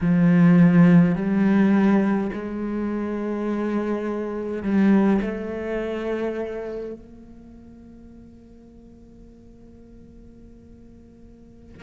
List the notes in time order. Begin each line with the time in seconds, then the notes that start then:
0.00 F3
1.15 G3
2.32 G#3
4.62 G3
5.21 A3
6.93 A#3